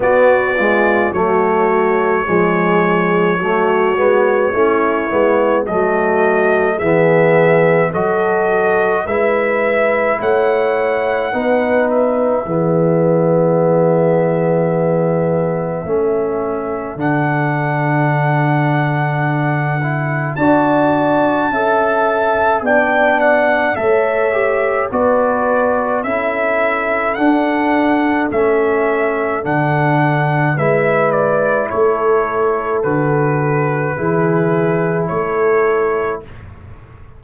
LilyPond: <<
  \new Staff \with { instrumentName = "trumpet" } { \time 4/4 \tempo 4 = 53 d''4 cis''2.~ | cis''4 dis''4 e''4 dis''4 | e''4 fis''4. e''4.~ | e''2. fis''4~ |
fis''2 a''2 | g''8 fis''8 e''4 d''4 e''4 | fis''4 e''4 fis''4 e''8 d''8 | cis''4 b'2 cis''4 | }
  \new Staff \with { instrumentName = "horn" } { \time 4/4 fis'8 f'8 fis'4 gis'4 fis'4 | e'4 fis'4 gis'4 a'4 | b'4 cis''4 b'4 gis'4~ | gis'2 a'2~ |
a'2 d''4 e''4 | d''4 cis''4 b'4 a'4~ | a'2. b'4 | a'2 gis'4 a'4 | }
  \new Staff \with { instrumentName = "trombone" } { \time 4/4 b8 gis8 a4 gis4 a8 b8 | cis'8 b8 a4 b4 fis'4 | e'2 dis'4 b4~ | b2 cis'4 d'4~ |
d'4. e'8 fis'4 a'4 | d'4 a'8 g'8 fis'4 e'4 | d'4 cis'4 d'4 e'4~ | e'4 fis'4 e'2 | }
  \new Staff \with { instrumentName = "tuba" } { \time 4/4 b4 fis4 f4 fis8 gis8 | a8 gis8 fis4 e4 fis4 | gis4 a4 b4 e4~ | e2 a4 d4~ |
d2 d'4 cis'4 | b4 a4 b4 cis'4 | d'4 a4 d4 gis4 | a4 d4 e4 a4 | }
>>